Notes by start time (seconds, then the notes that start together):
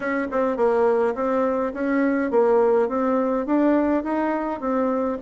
0.00 C#4
0.31 C4
0.56 A#3
1.15 C4
1.73 C#4
2.31 A#3
2.88 C4
3.46 D4
4.03 D#4
4.60 C4